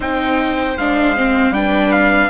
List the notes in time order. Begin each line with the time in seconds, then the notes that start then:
0.00 C4 D#4 C5 G5
0.77 G#3 D4 F5
1.16 C4
1.50 G3 D4 B4 G5
1.92 F5